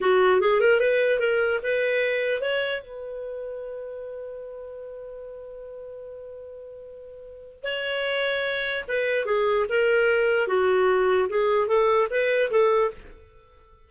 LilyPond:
\new Staff \with { instrumentName = "clarinet" } { \time 4/4 \tempo 4 = 149 fis'4 gis'8 ais'8 b'4 ais'4 | b'2 cis''4 b'4~ | b'1~ | b'1~ |
b'2. cis''4~ | cis''2 b'4 gis'4 | ais'2 fis'2 | gis'4 a'4 b'4 a'4 | }